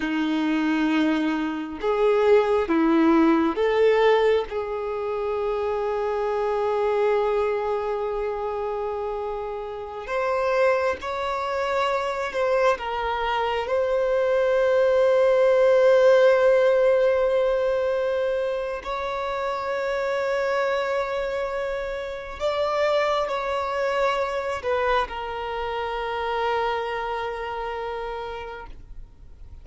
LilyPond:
\new Staff \with { instrumentName = "violin" } { \time 4/4 \tempo 4 = 67 dis'2 gis'4 e'4 | a'4 gis'2.~ | gis'2.~ gis'16 c''8.~ | c''16 cis''4. c''8 ais'4 c''8.~ |
c''1~ | c''4 cis''2.~ | cis''4 d''4 cis''4. b'8 | ais'1 | }